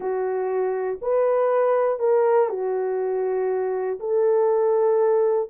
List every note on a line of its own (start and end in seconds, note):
0.00 0.99 F#4
1.01 1.99 B4
1.99 2.49 A#4
2.49 3.99 F#4
3.99 5.49 A4